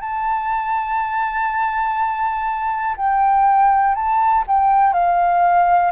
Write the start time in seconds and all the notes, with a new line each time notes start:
0.00 A5
2.96 G5
3.94 A5
4.47 G5
4.93 F5